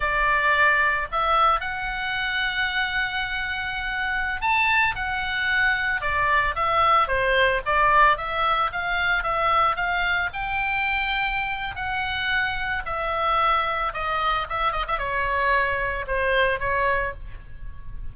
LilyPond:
\new Staff \with { instrumentName = "oboe" } { \time 4/4 \tempo 4 = 112 d''2 e''4 fis''4~ | fis''1~ | fis''16 a''4 fis''2 d''8.~ | d''16 e''4 c''4 d''4 e''8.~ |
e''16 f''4 e''4 f''4 g''8.~ | g''2 fis''2 | e''2 dis''4 e''8 dis''16 e''16 | cis''2 c''4 cis''4 | }